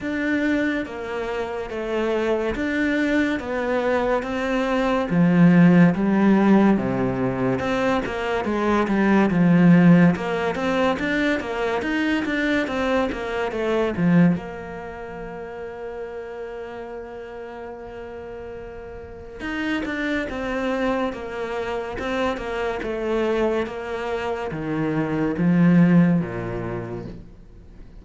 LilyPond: \new Staff \with { instrumentName = "cello" } { \time 4/4 \tempo 4 = 71 d'4 ais4 a4 d'4 | b4 c'4 f4 g4 | c4 c'8 ais8 gis8 g8 f4 | ais8 c'8 d'8 ais8 dis'8 d'8 c'8 ais8 |
a8 f8 ais2.~ | ais2. dis'8 d'8 | c'4 ais4 c'8 ais8 a4 | ais4 dis4 f4 ais,4 | }